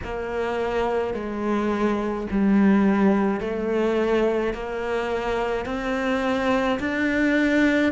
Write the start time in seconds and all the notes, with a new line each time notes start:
0.03 A#3
1.13 G#3
2.31 G3
3.40 A3
4.53 A#3
5.66 C4
6.79 D4